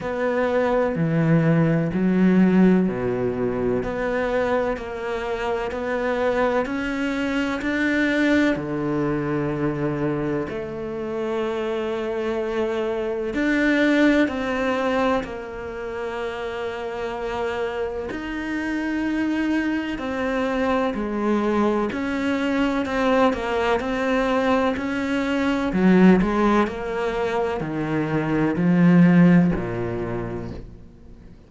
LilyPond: \new Staff \with { instrumentName = "cello" } { \time 4/4 \tempo 4 = 63 b4 e4 fis4 b,4 | b4 ais4 b4 cis'4 | d'4 d2 a4~ | a2 d'4 c'4 |
ais2. dis'4~ | dis'4 c'4 gis4 cis'4 | c'8 ais8 c'4 cis'4 fis8 gis8 | ais4 dis4 f4 ais,4 | }